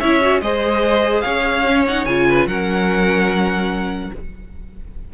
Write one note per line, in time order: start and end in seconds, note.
0.00 0.42 C#4
0.00 0.21 E4
0.00 0.41 C#5
0.00 0.41 E5
0.21 0.42 F#4
0.42 1.24 G#3
0.42 1.66 G#4
0.42 1.24 C5
0.42 1.21 D#5
1.21 2.06 C#4
1.21 2.27 C#5
1.21 1.83 F5
1.66 1.86 C#4
1.88 2.09 D#4
1.88 2.06 F#5
2.06 2.46 C#3
2.06 2.50 F4
2.06 2.47 G#5
2.29 2.49 B4
2.46 4.11 F#3
2.46 4.14 C#4
2.46 4.13 A#4
2.46 4.13 F#5